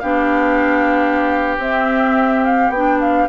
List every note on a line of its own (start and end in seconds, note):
0.00 1.58 B3
0.00 1.59 D4
0.00 3.29 G4
0.00 1.57 F5
1.58 2.69 C4
1.58 2.73 C4
1.58 2.45 E5
2.45 2.71 F5
2.69 3.27 B3
2.69 3.29 D4
2.69 2.99 G5
3.00 3.29 F5